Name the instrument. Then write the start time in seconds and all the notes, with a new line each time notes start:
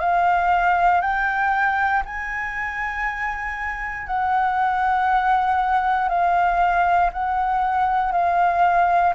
flute
0.00 F5
1.01 G5
2.05 G#5
4.07 F#5
6.08 F5
7.13 F#5
8.12 F5